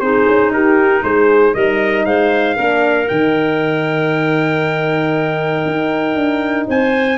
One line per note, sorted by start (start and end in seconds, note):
0.00 0.26 C4
0.00 1.54 D#4
0.00 0.52 G#4
0.00 0.51 C5
0.27 0.50 C#4
0.50 1.01 D#4
0.50 1.03 G4
0.50 1.03 A#4
1.03 1.54 G#3
1.03 1.54 G#4
1.03 1.54 C5
1.54 2.05 G3
1.54 2.56 D#4
1.54 2.05 A#4
1.54 2.05 D#5
2.05 2.56 G#3
2.05 2.56 C5
2.05 3.08 F5
2.56 3.09 A#3
2.56 3.07 D4
2.56 6.66 A#4
3.08 5.65 D#3
3.08 7.17 D#4
3.08 6.67 G5
5.65 6.15 D#4
6.15 6.66 D4
6.67 7.17 C4
6.67 7.17 C5
6.67 7.17 G#5